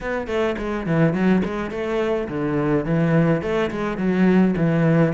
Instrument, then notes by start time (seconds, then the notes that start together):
cello
0.01 B3
0.27 A3
0.57 G#3
0.86 E3
1.13 F#3
1.44 G#3
1.70 A3
2.28 D3
2.85 E3
3.41 A3
3.70 G#3
3.97 F#3
4.56 E3